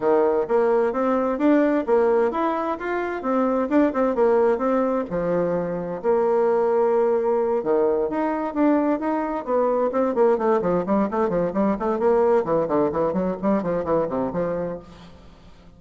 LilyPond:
\new Staff \with { instrumentName = "bassoon" } { \time 4/4 \tempo 4 = 130 dis4 ais4 c'4 d'4 | ais4 e'4 f'4 c'4 | d'8 c'8 ais4 c'4 f4~ | f4 ais2.~ |
ais8 dis4 dis'4 d'4 dis'8~ | dis'8 b4 c'8 ais8 a8 f8 g8 | a8 f8 g8 a8 ais4 e8 d8 | e8 fis8 g8 f8 e8 c8 f4 | }